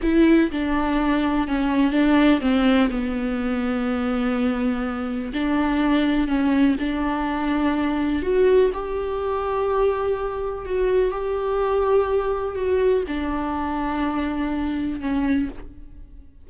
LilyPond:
\new Staff \with { instrumentName = "viola" } { \time 4/4 \tempo 4 = 124 e'4 d'2 cis'4 | d'4 c'4 b2~ | b2. d'4~ | d'4 cis'4 d'2~ |
d'4 fis'4 g'2~ | g'2 fis'4 g'4~ | g'2 fis'4 d'4~ | d'2. cis'4 | }